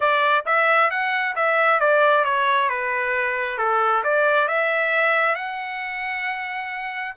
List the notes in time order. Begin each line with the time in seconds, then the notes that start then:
0.00 D5
0.45 E5
0.90 F#5
1.35 E5
1.80 D5
2.24 C#5
2.69 B4
3.57 A4
4.03 D5
4.48 E5
5.35 F#5